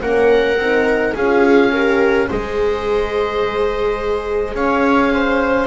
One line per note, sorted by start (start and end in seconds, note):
0.00 0.57 A#3
0.00 0.57 C#4
0.00 1.14 A#4
0.00 1.15 F#5
0.57 1.13 C4
0.57 1.17 D#4
1.14 2.29 C#4
1.14 1.74 F4
1.14 1.71 G#4
1.14 2.29 F5
1.72 2.30 G4
1.72 2.28 A#4
2.28 4.54 G#3
2.28 5.67 G#4
2.28 4.54 C5
2.28 4.56 D#5
4.54 5.67 C#4
4.54 5.12 C#5
4.54 5.67 F5
5.13 5.67 C5